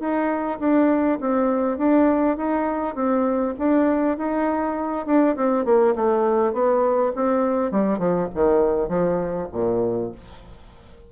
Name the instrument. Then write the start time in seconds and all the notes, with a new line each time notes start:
bassoon
0.00 D#4
0.60 D4
1.21 C4
1.78 D4
2.37 D#4
2.95 C4
3.59 D4
4.18 D#4
5.06 D4
5.37 C4
5.65 A#3
5.96 A3
6.53 B3
7.16 C4
7.72 G3
7.99 F3
8.35 D#3
8.89 F3
9.53 A#2